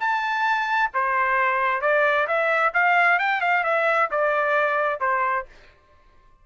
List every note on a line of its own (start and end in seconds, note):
0.00 0.91 A5
0.94 1.82 C5
1.82 2.27 D5
2.28 2.73 E5
2.74 3.19 F5
3.19 3.42 G5
3.42 3.64 F5
3.64 4.10 E5
4.11 5.01 D5
5.01 5.46 C5